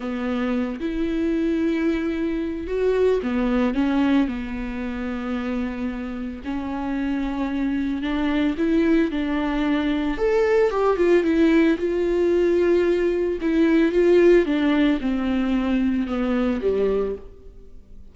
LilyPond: \new Staff \with { instrumentName = "viola" } { \time 4/4 \tempo 4 = 112 b4. e'2~ e'8~ | e'4 fis'4 b4 cis'4 | b1 | cis'2. d'4 |
e'4 d'2 a'4 | g'8 f'8 e'4 f'2~ | f'4 e'4 f'4 d'4 | c'2 b4 g4 | }